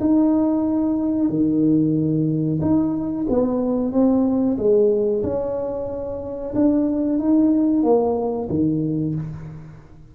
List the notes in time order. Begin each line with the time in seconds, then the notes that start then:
0.00 D#4
1.29 D#3
2.61 D#4
3.29 B3
3.92 C4
4.57 G#3
5.23 C#4
6.54 D4
7.19 D#4
7.83 A#3
8.49 D#3